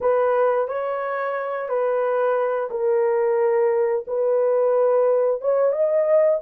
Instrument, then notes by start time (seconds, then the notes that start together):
horn
0.01 B4
0.67 C#5
1.68 B4
2.70 A#4
4.07 B4
5.41 C#5
5.72 D#5